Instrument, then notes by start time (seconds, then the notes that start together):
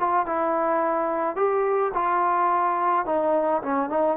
trombone
0.00 F4
0.26 E4
1.37 G4
1.94 F4
3.06 D#4
3.63 C#4
3.90 D#4